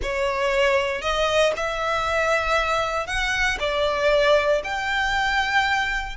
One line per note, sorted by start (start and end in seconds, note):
0.02 1.01 C#5
1.01 1.52 D#5
1.56 3.07 E5
3.07 3.58 F#5
3.59 4.62 D5
4.64 6.16 G5